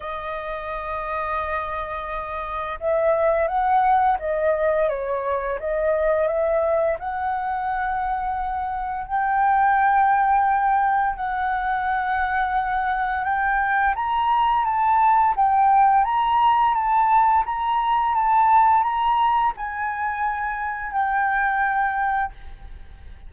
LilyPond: \new Staff \with { instrumentName = "flute" } { \time 4/4 \tempo 4 = 86 dis''1 | e''4 fis''4 dis''4 cis''4 | dis''4 e''4 fis''2~ | fis''4 g''2. |
fis''2. g''4 | ais''4 a''4 g''4 ais''4 | a''4 ais''4 a''4 ais''4 | gis''2 g''2 | }